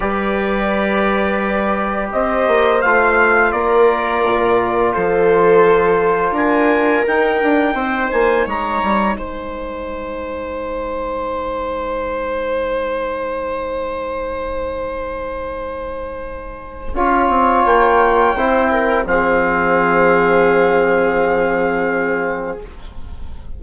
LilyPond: <<
  \new Staff \with { instrumentName = "trumpet" } { \time 4/4 \tempo 4 = 85 d''2. dis''4 | f''4 d''2 c''4~ | c''4 gis''4 g''4. gis''8 | ais''4 gis''2.~ |
gis''1~ | gis''1~ | gis''4 g''2 f''4~ | f''1 | }
  \new Staff \with { instrumentName = "viola" } { \time 4/4 b'2. c''4~ | c''4 ais'2 a'4~ | a'4 ais'2 c''4 | cis''4 c''2.~ |
c''1~ | c''1 | cis''2 c''8 ais'8 gis'4~ | gis'1 | }
  \new Staff \with { instrumentName = "trombone" } { \time 4/4 g'1 | f'1~ | f'2 dis'2~ | dis'1~ |
dis'1~ | dis'1 | f'2 e'4 c'4~ | c'1 | }
  \new Staff \with { instrumentName = "bassoon" } { \time 4/4 g2. c'8 ais8 | a4 ais4 ais,4 f4~ | f4 d'4 dis'8 d'8 c'8 ais8 | gis8 g8 gis2.~ |
gis1~ | gis1 | cis'8 c'8 ais4 c'4 f4~ | f1 | }
>>